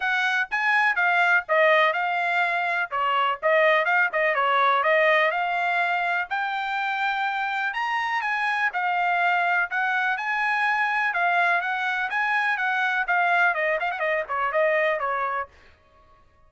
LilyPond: \new Staff \with { instrumentName = "trumpet" } { \time 4/4 \tempo 4 = 124 fis''4 gis''4 f''4 dis''4 | f''2 cis''4 dis''4 | f''8 dis''8 cis''4 dis''4 f''4~ | f''4 g''2. |
ais''4 gis''4 f''2 | fis''4 gis''2 f''4 | fis''4 gis''4 fis''4 f''4 | dis''8 f''16 fis''16 dis''8 cis''8 dis''4 cis''4 | }